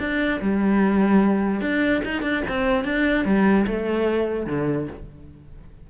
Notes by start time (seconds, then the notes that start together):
0.00 D4
0.42 G3
1.62 D4
2.05 D#4
2.23 D4
2.49 C4
2.85 D4
3.25 G3
3.67 A3
4.47 D3